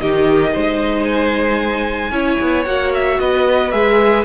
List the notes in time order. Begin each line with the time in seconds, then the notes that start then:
0.00 D#3 D#4 G4 D#5
0.52 G#3 C5
1.05 G#5
2.11 C#4 E4 C#5
2.40 B3
2.65 A#3 F#4 F#5
2.94 E5
3.20 B3 B4 D#5
3.72 G#3 G#4 E5